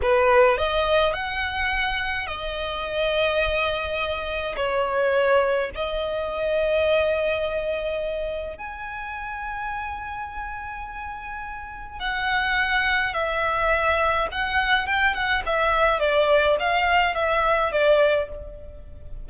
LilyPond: \new Staff \with { instrumentName = "violin" } { \time 4/4 \tempo 4 = 105 b'4 dis''4 fis''2 | dis''1 | cis''2 dis''2~ | dis''2. gis''4~ |
gis''1~ | gis''4 fis''2 e''4~ | e''4 fis''4 g''8 fis''8 e''4 | d''4 f''4 e''4 d''4 | }